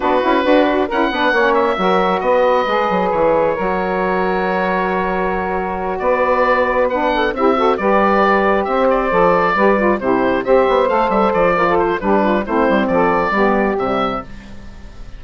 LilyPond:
<<
  \new Staff \with { instrumentName = "oboe" } { \time 4/4 \tempo 4 = 135 b'2 fis''4. e''8~ | e''4 dis''2 cis''4~ | cis''1~ | cis''4. d''2 fis''8~ |
fis''8 e''4 d''2 e''8 | d''2~ d''8 c''4 e''8~ | e''8 f''8 e''8 d''4 c''8 b'4 | c''4 d''2 e''4 | }
  \new Staff \with { instrumentName = "saxophone" } { \time 4/4 fis'4 b'8 fis'8 ais'8 b'8 cis''4 | ais'4 b'2. | ais'1~ | ais'4. b'2~ b'8 |
a'8 g'8 a'8 b'2 c''8~ | c''4. b'4 g'4 c''8~ | c''2 ais'16 a'8. g'8 f'8 | e'4 a'4 g'2 | }
  \new Staff \with { instrumentName = "saxophone" } { \time 4/4 d'8 e'8 fis'4 e'8 d'8 cis'4 | fis'2 gis'2 | fis'1~ | fis'2.~ fis'8 d'8~ |
d'8 e'8 fis'8 g'2~ g'8~ | g'8 a'4 g'8 f'8 e'4 g'8~ | g'8 a'4. f'4 d'4 | c'2 b4 g4 | }
  \new Staff \with { instrumentName = "bassoon" } { \time 4/4 b8 cis'8 d'4 cis'8 b8 ais4 | fis4 b4 gis8 fis8 e4 | fis1~ | fis4. b2~ b8~ |
b8 c'4 g2 c'8~ | c'8 f4 g4 c4 c'8 | b8 a8 g8 f4. g4 | a8 g8 f4 g4 c4 | }
>>